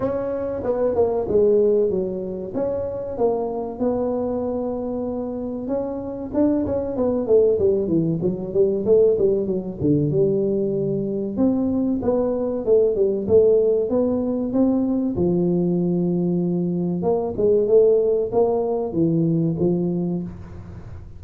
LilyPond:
\new Staff \with { instrumentName = "tuba" } { \time 4/4 \tempo 4 = 95 cis'4 b8 ais8 gis4 fis4 | cis'4 ais4 b2~ | b4 cis'4 d'8 cis'8 b8 a8 | g8 e8 fis8 g8 a8 g8 fis8 d8 |
g2 c'4 b4 | a8 g8 a4 b4 c'4 | f2. ais8 gis8 | a4 ais4 e4 f4 | }